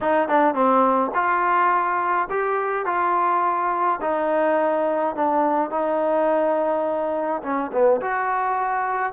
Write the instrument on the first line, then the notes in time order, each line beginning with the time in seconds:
trombone
0.01 D#4
0.28 D4
0.54 C4
1.14 F4
2.30 G4
2.85 F4
4.01 D#4
5.15 D4
5.70 D#4
7.42 C#4
7.72 B3
8.01 F#4